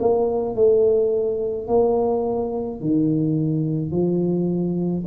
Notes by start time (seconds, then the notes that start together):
0.00 A#3
0.55 A3
1.67 A#3
2.80 D#3
3.91 F3